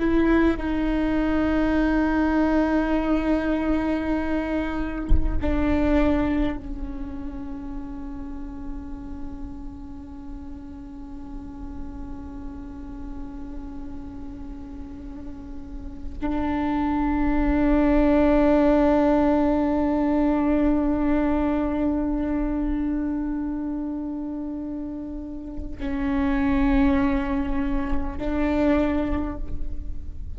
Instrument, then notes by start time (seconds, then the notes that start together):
viola
0.00 E4
0.58 D#4
5.42 D4
6.58 C#4
16.22 D4
25.79 C#4
28.18 D4